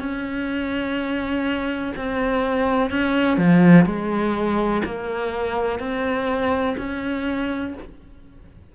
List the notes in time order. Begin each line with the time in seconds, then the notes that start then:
0.00 C#4
1.96 C4
2.90 C#4
3.38 F3
3.86 G#3
4.85 A#3
5.79 C4
6.77 C#4